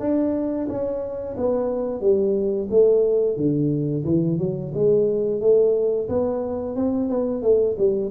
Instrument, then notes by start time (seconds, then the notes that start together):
tuba
0.00 D4
0.69 C#4
1.37 B3
2.01 G3
2.70 A3
3.36 D3
4.04 E3
4.38 F#3
4.74 G#3
5.41 A3
6.09 B3
6.76 C4
7.09 B3
7.42 A3
7.78 G3